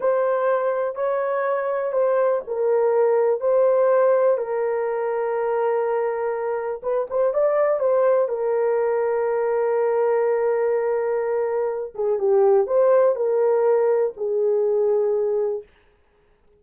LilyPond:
\new Staff \with { instrumentName = "horn" } { \time 4/4 \tempo 4 = 123 c''2 cis''2 | c''4 ais'2 c''4~ | c''4 ais'2.~ | ais'2 b'8 c''8 d''4 |
c''4 ais'2.~ | ais'1~ | ais'8 gis'8 g'4 c''4 ais'4~ | ais'4 gis'2. | }